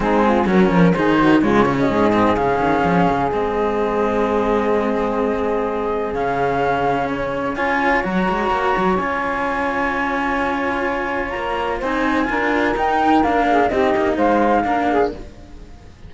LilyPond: <<
  \new Staff \with { instrumentName = "flute" } { \time 4/4 \tempo 4 = 127 gis'4 ais'4 c''4 cis''8. dis''16~ | dis''4 f''2 dis''4~ | dis''1~ | dis''4 f''2 cis''4 |
gis''4 ais''2 gis''4~ | gis''1 | ais''4 gis''2 g''4 | f''4 dis''4 f''2 | }
  \new Staff \with { instrumentName = "saxophone" } { \time 4/4 dis'8 f'8 fis'8 ais'8 gis'8 fis'8 f'8. fis'16 | gis'1~ | gis'1~ | gis'1 |
cis''1~ | cis''1~ | cis''4 c''4 ais'2~ | ais'8 gis'8 g'4 c''4 ais'8 gis'8 | }
  \new Staff \with { instrumentName = "cello" } { \time 4/4 c'4 cis'4 dis'4 gis8 cis'8~ | cis'8 c'8 cis'2 c'4~ | c'1~ | c'4 cis'2. |
f'4 fis'2 f'4~ | f'1~ | f'4 dis'4 f'4 dis'4 | d'4 dis'2 d'4 | }
  \new Staff \with { instrumentName = "cello" } { \time 4/4 gis4 fis8 f8 dis4 cis4 | gis,4 cis8 dis8 f8 cis8 gis4~ | gis1~ | gis4 cis2. |
cis'4 fis8 gis8 ais8 fis8 cis'4~ | cis'1 | ais4 c'4 d'4 dis'4 | ais4 c'8 ais8 gis4 ais4 | }
>>